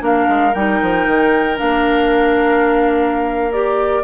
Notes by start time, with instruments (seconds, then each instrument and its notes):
0.00 bassoon A#3, clarinet D4, oboe A#4, flute F5
0.29 bassoon G#3
0.54 bassoon G3, clarinet D#4, flute G5
0.82 bassoon F3
1.07 bassoon D#3
1.56 bassoon A#3, clarinet D4, flute F5
3.53 clarinet G4, flute D5